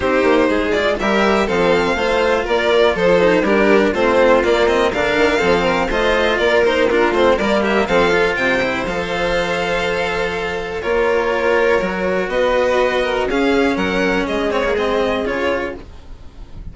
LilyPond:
<<
  \new Staff \with { instrumentName = "violin" } { \time 4/4 \tempo 4 = 122 c''4. d''8 e''4 f''4~ | f''4 d''4 c''4 ais'4 | c''4 d''8 dis''8 f''2 | dis''4 d''8 c''8 ais'8 c''8 d''8 e''8 |
f''4 g''4 f''2~ | f''2 cis''2~ | cis''4 dis''2 f''4 | fis''4 dis''8 cis''8 dis''4 cis''4 | }
  \new Staff \with { instrumentName = "violin" } { \time 4/4 g'4 gis'4 ais'4 a'4 | c''4 ais'4 a'4 g'4 | f'2 ais'4 a'8 ais'8 | c''4 ais'4 f'4 ais'8 g'8 |
a'4 c''2.~ | c''2 ais'2~ | ais'4 b'4. ais'8 gis'4 | ais'4 gis'2. | }
  \new Staff \with { instrumentName = "cello" } { \time 4/4 dis'4. f'8 g'4 c'4 | f'2~ f'8 dis'8 d'4 | c'4 ais8 c'8 d'4 c'4 | f'4. dis'8 d'8 c'8 ais4 |
c'8 f'4 e'8 a'2~ | a'2 f'2 | fis'2. cis'4~ | cis'4. c'16 ais16 c'4 f'4 | }
  \new Staff \with { instrumentName = "bassoon" } { \time 4/4 c'8 ais8 gis4 g4 f4 | a4 ais4 f4 g4 | a4 ais4 d8 dis8 f4 | a4 ais4. a8 g4 |
f4 c4 f2~ | f2 ais2 | fis4 b2 cis'4 | fis4 gis2 cis4 | }
>>